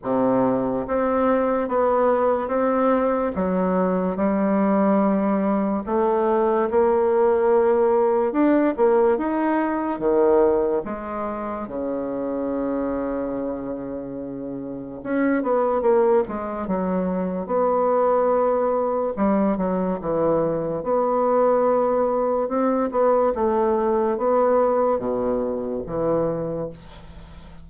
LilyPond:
\new Staff \with { instrumentName = "bassoon" } { \time 4/4 \tempo 4 = 72 c4 c'4 b4 c'4 | fis4 g2 a4 | ais2 d'8 ais8 dis'4 | dis4 gis4 cis2~ |
cis2 cis'8 b8 ais8 gis8 | fis4 b2 g8 fis8 | e4 b2 c'8 b8 | a4 b4 b,4 e4 | }